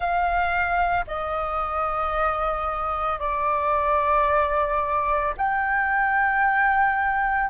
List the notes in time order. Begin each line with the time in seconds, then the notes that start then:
0.00 F5
1.07 D#5
3.19 D5
5.37 G5